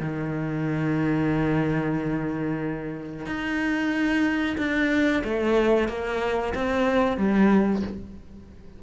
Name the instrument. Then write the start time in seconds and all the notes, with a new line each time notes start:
cello
0.00 D#3
3.26 D#4
4.57 D4
5.24 A3
5.88 A#3
6.54 C4
7.17 G3